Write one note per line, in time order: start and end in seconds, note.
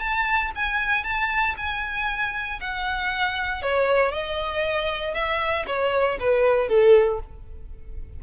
0.00 0.51 A5
0.55 1.04 G#5
1.04 1.55 A5
1.57 2.60 G#5
2.61 3.62 F#5
3.62 4.12 C#5
4.12 5.14 D#5
5.14 5.66 E5
5.67 6.19 C#5
6.20 6.69 B4
6.69 7.20 A4